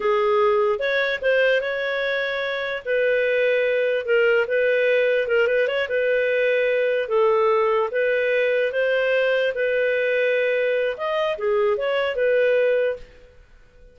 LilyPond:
\new Staff \with { instrumentName = "clarinet" } { \time 4/4 \tempo 4 = 148 gis'2 cis''4 c''4 | cis''2. b'4~ | b'2 ais'4 b'4~ | b'4 ais'8 b'8 cis''8 b'4.~ |
b'4. a'2 b'8~ | b'4. c''2 b'8~ | b'2. dis''4 | gis'4 cis''4 b'2 | }